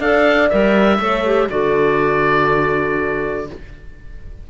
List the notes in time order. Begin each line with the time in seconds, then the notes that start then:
0.00 D4 A4 D5 F5
0.50 G3 A#4 E5
0.99 A3 A4 C#5
1.26 G4
1.50 D3 F#4 A4 D5